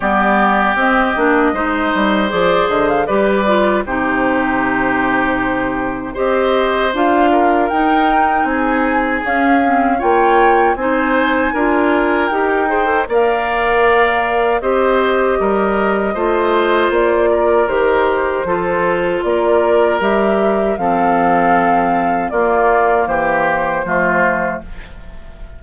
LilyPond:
<<
  \new Staff \with { instrumentName = "flute" } { \time 4/4 \tempo 4 = 78 d''4 dis''2 d''8 dis''16 f''16 | d''4 c''2. | dis''4 f''4 g''4 gis''4 | f''4 g''4 gis''2 |
g''4 f''2 dis''4~ | dis''2 d''4 c''4~ | c''4 d''4 e''4 f''4~ | f''4 d''4 c''2 | }
  \new Staff \with { instrumentName = "oboe" } { \time 4/4 g'2 c''2 | b'4 g'2. | c''4. ais'4. gis'4~ | gis'4 cis''4 c''4 ais'4~ |
ais'8 c''8 d''2 c''4 | ais'4 c''4. ais'4. | a'4 ais'2 a'4~ | a'4 f'4 g'4 f'4 | }
  \new Staff \with { instrumentName = "clarinet" } { \time 4/4 b4 c'8 d'8 dis'4 gis'4 | g'8 f'8 dis'2. | g'4 f'4 dis'2 | cis'8 c'8 f'4 dis'4 f'4 |
g'8 gis'16 a'16 ais'2 g'4~ | g'4 f'2 g'4 | f'2 g'4 c'4~ | c'4 ais2 a4 | }
  \new Staff \with { instrumentName = "bassoon" } { \time 4/4 g4 c'8 ais8 gis8 g8 f8 d8 | g4 c2. | c'4 d'4 dis'4 c'4 | cis'4 ais4 c'4 d'4 |
dis'4 ais2 c'4 | g4 a4 ais4 dis4 | f4 ais4 g4 f4~ | f4 ais4 e4 f4 | }
>>